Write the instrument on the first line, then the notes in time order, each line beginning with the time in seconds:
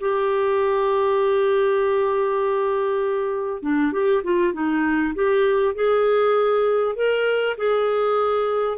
clarinet
0.00 G4
3.63 D4
3.93 G4
4.24 F4
4.53 D#4
5.15 G4
5.75 G#4
6.96 A#4
7.58 G#4